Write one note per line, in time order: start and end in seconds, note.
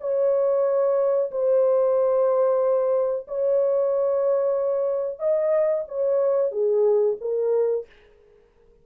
0.00 1.30 C#5
1.31 3.26 C5
3.27 5.19 C#5
5.19 5.84 D#5
5.88 6.51 C#5
6.51 7.16 G#4
7.20 7.86 A#4